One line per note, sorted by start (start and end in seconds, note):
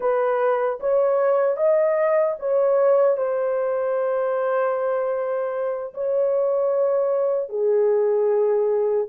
0.00 0.79 B4
0.79 1.56 C#5
1.56 2.35 D#5
2.39 3.17 C#5
3.17 5.93 C5
5.94 7.49 C#5
7.49 9.07 G#4